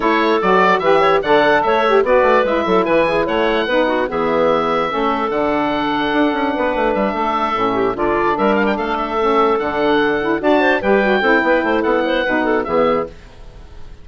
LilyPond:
<<
  \new Staff \with { instrumentName = "oboe" } { \time 4/4 \tempo 4 = 147 cis''4 d''4 e''4 fis''4 | e''4 d''4 e''4 gis''4 | fis''2 e''2~ | e''4 fis''2.~ |
fis''4 e''2~ e''8 d''8~ | d''8 e''8 f''16 g''16 f''8 e''4. fis''8~ | fis''4. a''4 g''4.~ | g''4 fis''2 e''4 | }
  \new Staff \with { instrumentName = "clarinet" } { \time 4/4 a'2 b'8 cis''8 d''4 | cis''4 b'4. a'8 b'8 gis'8 | cis''4 b'8 fis'8 gis'2 | a'1 |
b'4. a'4. g'8 f'8~ | f'8 ais'4 a'2~ a'8~ | a'4. d''8 c''8 b'4 a'8 | b'8 c''8 a'8 c''8 b'8 a'8 gis'4 | }
  \new Staff \with { instrumentName = "saxophone" } { \time 4/4 e'4 fis'4 g'4 a'4~ | a'8 g'8 fis'4 e'2~ | e'4 dis'4 b2 | cis'4 d'2.~ |
d'2~ d'8 cis'4 d'8~ | d'2~ d'8 cis'4 d'8~ | d'4 e'8 fis'4 g'8 fis'8 e'8~ | e'2 dis'4 b4 | }
  \new Staff \with { instrumentName = "bassoon" } { \time 4/4 a4 fis4 e4 d4 | a4 b8 a8 gis8 fis8 e4 | a4 b4 e2 | a4 d2 d'8 cis'8 |
b8 a8 g8 a4 a,4 d8~ | d8 g4 a2 d8~ | d4. d'4 g4 c'8 | b8 a8 b4 b,4 e4 | }
>>